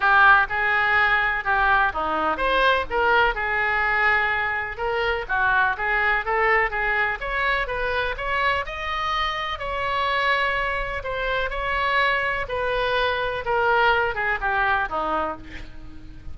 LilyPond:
\new Staff \with { instrumentName = "oboe" } { \time 4/4 \tempo 4 = 125 g'4 gis'2 g'4 | dis'4 c''4 ais'4 gis'4~ | gis'2 ais'4 fis'4 | gis'4 a'4 gis'4 cis''4 |
b'4 cis''4 dis''2 | cis''2. c''4 | cis''2 b'2 | ais'4. gis'8 g'4 dis'4 | }